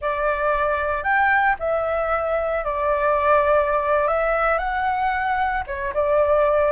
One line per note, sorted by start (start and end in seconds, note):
0.01 1.03 D5
1.03 1.55 G5
1.59 2.64 E5
2.64 4.07 D5
4.07 4.58 E5
4.58 5.63 F#5
5.67 5.93 C#5
5.94 6.71 D5